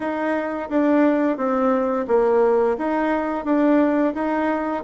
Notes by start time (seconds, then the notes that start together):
0.00 D#4
0.69 D4
1.37 C4
2.07 A#3
2.77 D#4
3.44 D4
4.14 D#4